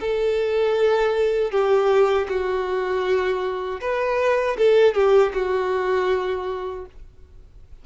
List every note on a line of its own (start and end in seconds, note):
0.00 1.51 A4
1.51 2.27 G4
2.29 3.80 F#4
3.80 4.56 B4
4.57 4.94 A4
4.94 5.32 G4
5.33 6.85 F#4